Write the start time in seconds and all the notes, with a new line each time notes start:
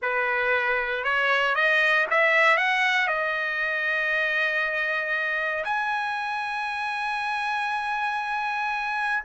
0.01 B4
1.03 C#5
1.55 D#5
2.10 E5
2.57 F#5
3.07 D#5
5.64 G#5